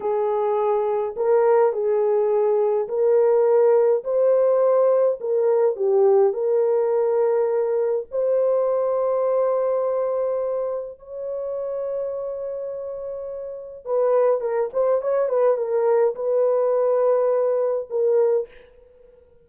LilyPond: \new Staff \with { instrumentName = "horn" } { \time 4/4 \tempo 4 = 104 gis'2 ais'4 gis'4~ | gis'4 ais'2 c''4~ | c''4 ais'4 g'4 ais'4~ | ais'2 c''2~ |
c''2. cis''4~ | cis''1 | b'4 ais'8 c''8 cis''8 b'8 ais'4 | b'2. ais'4 | }